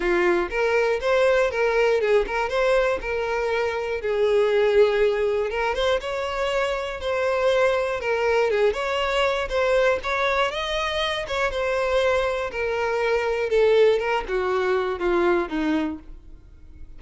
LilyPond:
\new Staff \with { instrumentName = "violin" } { \time 4/4 \tempo 4 = 120 f'4 ais'4 c''4 ais'4 | gis'8 ais'8 c''4 ais'2 | gis'2. ais'8 c''8 | cis''2 c''2 |
ais'4 gis'8 cis''4. c''4 | cis''4 dis''4. cis''8 c''4~ | c''4 ais'2 a'4 | ais'8 fis'4. f'4 dis'4 | }